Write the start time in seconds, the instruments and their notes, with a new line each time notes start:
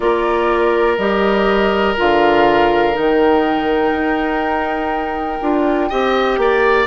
0.00 bassoon A#3, clarinet F4, oboe A#4, flute D5
0.97 bassoon G3, clarinet G4, flute D#5
1.97 bassoon D3, clarinet F4, flute F5
2.92 bassoon D#3, clarinet D#4, flute G5
3.91 bassoon D#4
5.41 bassoon D4, clarinet F4
5.89 bassoon C4, clarinet G4, oboe D#5
6.37 bassoon A#3, oboe D5